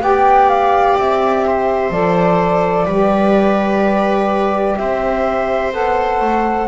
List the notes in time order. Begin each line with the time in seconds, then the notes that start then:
0.00 B3 G4 D5 G5
0.50 F5
0.98 C4 E5
1.47 C5
1.90 F3 A4 D5
2.86 G3 G4 B4
4.77 C4 C5 E5
5.72 B3 A4 F#5
6.21 A3